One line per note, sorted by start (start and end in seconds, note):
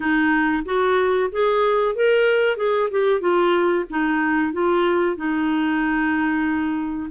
0.00 0.63 D#4
0.65 1.29 F#4
1.31 1.95 G#4
1.95 2.56 A#4
2.56 2.89 G#4
2.90 3.20 G4
3.20 3.84 F4
3.90 4.52 D#4
4.52 5.16 F4
5.16 7.09 D#4